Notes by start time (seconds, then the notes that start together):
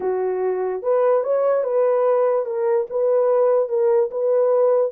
0.00 F#4
0.82 B4
1.23 C#5
1.63 B4
2.45 A#4
2.90 B4
3.68 A#4
4.10 B4